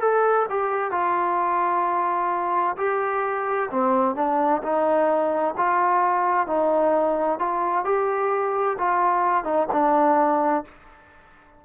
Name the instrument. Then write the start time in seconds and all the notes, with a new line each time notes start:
trombone
0.00 A4
0.49 G4
0.91 F4
2.77 G4
3.70 C4
4.15 D4
4.62 D#4
5.57 F4
6.47 D#4
7.39 F4
7.85 G4
8.78 F4
9.44 D#4
9.72 D4